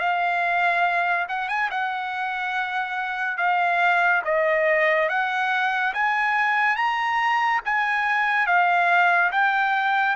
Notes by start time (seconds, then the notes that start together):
0.00 F5
1.29 F#5
1.49 G#5
1.71 F#5
3.38 F5
4.24 D#5
5.09 F#5
5.94 G#5
6.76 A#5
7.65 G#5
8.47 F5
9.32 G5